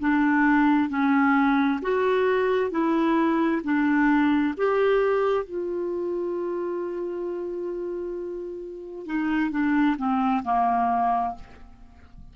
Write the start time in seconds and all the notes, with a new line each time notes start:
0.00 D4
0.90 C#4
1.83 F#4
2.71 E4
3.64 D4
4.57 G4
5.45 F4
9.07 D#4
9.51 D4
9.98 C4
10.44 A#3